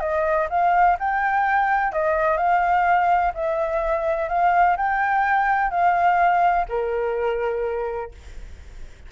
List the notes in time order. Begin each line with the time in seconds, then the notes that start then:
0.00 D#5
0.50 F5
0.99 G5
1.92 D#5
2.37 F5
3.34 E5
4.29 F5
4.77 G5
5.71 F5
6.69 A#4